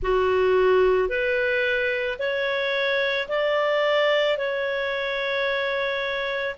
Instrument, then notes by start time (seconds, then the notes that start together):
clarinet
0.02 F#4
1.09 B4
2.18 C#5
3.28 D5
4.37 C#5